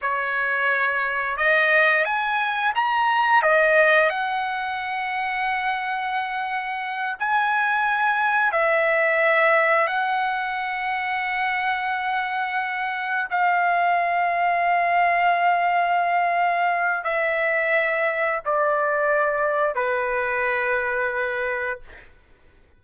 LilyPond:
\new Staff \with { instrumentName = "trumpet" } { \time 4/4 \tempo 4 = 88 cis''2 dis''4 gis''4 | ais''4 dis''4 fis''2~ | fis''2~ fis''8 gis''4.~ | gis''8 e''2 fis''4.~ |
fis''2.~ fis''8 f''8~ | f''1~ | f''4 e''2 d''4~ | d''4 b'2. | }